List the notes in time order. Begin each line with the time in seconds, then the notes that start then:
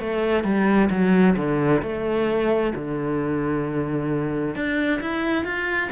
0.00 A3
0.43 G3
0.90 F#3
1.36 D3
1.82 A3
2.75 D3
4.55 D4
5.01 E4
5.44 F4